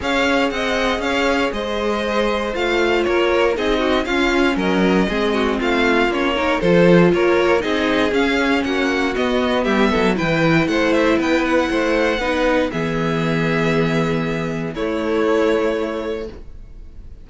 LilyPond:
<<
  \new Staff \with { instrumentName = "violin" } { \time 4/4 \tempo 4 = 118 f''4 fis''4 f''4 dis''4~ | dis''4 f''4 cis''4 dis''4 | f''4 dis''2 f''4 | cis''4 c''4 cis''4 dis''4 |
f''4 fis''4 dis''4 e''4 | g''4 fis''8 e''8 g''8 fis''4.~ | fis''4 e''2.~ | e''4 cis''2. | }
  \new Staff \with { instrumentName = "violin" } { \time 4/4 cis''4 dis''4 cis''4 c''4~ | c''2 ais'4 gis'8 fis'8 | f'4 ais'4 gis'8 fis'8 f'4~ | f'8 ais'8 a'4 ais'4 gis'4~ |
gis'4 fis'2 g'8 a'8 | b'4 c''4 b'4 c''4 | b'4 gis'2.~ | gis'4 e'2. | }
  \new Staff \with { instrumentName = "viola" } { \time 4/4 gis'1~ | gis'4 f'2 dis'4 | cis'2 c'2 | cis'8 dis'8 f'2 dis'4 |
cis'2 b2 | e'1 | dis'4 b2.~ | b4 a2. | }
  \new Staff \with { instrumentName = "cello" } { \time 4/4 cis'4 c'4 cis'4 gis4~ | gis4 a4 ais4 c'4 | cis'4 fis4 gis4 a4 | ais4 f4 ais4 c'4 |
cis'4 ais4 b4 g8 fis8 | e4 a4 b4 a4 | b4 e2.~ | e4 a2. | }
>>